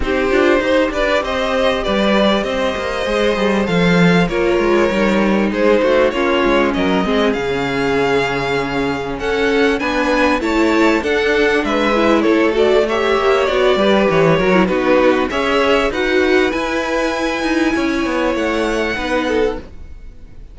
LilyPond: <<
  \new Staff \with { instrumentName = "violin" } { \time 4/4 \tempo 4 = 98 c''4. d''8 dis''4 d''4 | dis''2 f''4 cis''4~ | cis''4 c''4 cis''4 dis''4 | f''2. fis''4 |
gis''4 a''4 fis''4 e''4 | cis''8 d''8 e''4 d''4 cis''4 | b'4 e''4 fis''4 gis''4~ | gis''2 fis''2 | }
  \new Staff \with { instrumentName = "violin" } { \time 4/4 g'4 c''8 b'8 c''4 b'4 | c''2. ais'4~ | ais'4 gis'8 fis'8 f'4 ais'8 gis'8~ | gis'2. a'4 |
b'4 cis''4 a'4 b'4 | a'4 cis''4. b'4 ais'8 | fis'4 cis''4 b'2~ | b'4 cis''2 b'8 a'8 | }
  \new Staff \with { instrumentName = "viola" } { \time 4/4 dis'8 f'8 g'2.~ | g'4 gis'4 a'4 f'4 | dis'2 cis'4. c'8 | cis'1 |
d'4 e'4 d'4. e'8~ | e'8 fis'8 g'4 fis'8 g'4 fis'16 e'16 | dis'4 gis'4 fis'4 e'4~ | e'2. dis'4 | }
  \new Staff \with { instrumentName = "cello" } { \time 4/4 c'8 d'8 dis'8 d'8 c'4 g4 | c'8 ais8 gis8 g8 f4 ais8 gis8 | g4 gis8 a8 ais8 gis8 fis8 gis8 | cis2. cis'4 |
b4 a4 d'4 gis4 | a4. ais8 b8 g8 e8 fis8 | b4 cis'4 dis'4 e'4~ | e'8 dis'8 cis'8 b8 a4 b4 | }
>>